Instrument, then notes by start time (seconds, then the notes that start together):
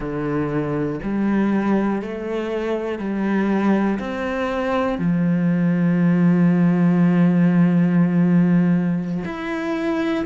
cello
0.00 D3
1.02 G3
2.01 A3
2.99 G3
3.99 C4
4.98 F3
9.25 E4